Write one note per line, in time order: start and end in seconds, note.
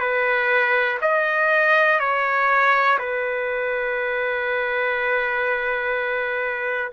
0.00 0.98 B4
1.01 2.00 D#5
2.00 2.98 C#5
2.99 6.92 B4